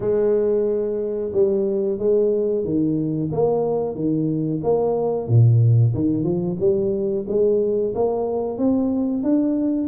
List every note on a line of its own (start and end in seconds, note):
0.00 1.31 G#3
1.32 1.98 G3
1.98 2.64 G#3
2.64 3.30 D#3
3.32 3.95 A#3
3.95 4.61 D#3
4.63 5.27 A#3
5.27 5.93 A#2
5.94 6.23 D#3
6.23 6.56 F3
6.59 7.25 G3
7.28 7.94 G#3
7.95 8.57 A#3
8.57 9.23 C4
9.23 9.87 D4